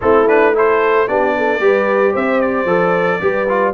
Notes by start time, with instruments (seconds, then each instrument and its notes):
0.01 tuba A3, trombone C4, horn E4, trumpet A4
0.27 trombone D4, trumpet B4
0.53 trombone E4, horn A4, trumpet C5
1.07 tuba B3, trombone D4, horn G4, trumpet D5
1.36 horn A4
1.59 tuba G3, trombone G4, horn B4
2.11 tuba C4, horn C5, trumpet E5
2.40 trumpet D5
2.65 tuba F3, trombone A4
3.20 tuba G3, trombone G4, horn B4
3.48 trombone F4